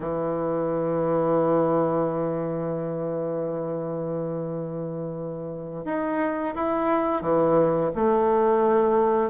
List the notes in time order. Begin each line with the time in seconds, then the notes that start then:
0.00 E3
5.85 D#4
6.55 E4
7.21 E3
7.95 A3